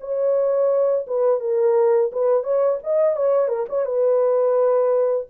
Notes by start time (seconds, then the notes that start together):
0.00 C#5
1.07 B4
1.40 A#4
2.12 B4
2.44 C#5
2.83 D#5
3.16 C#5
3.48 A#4
3.69 C#5
3.85 B4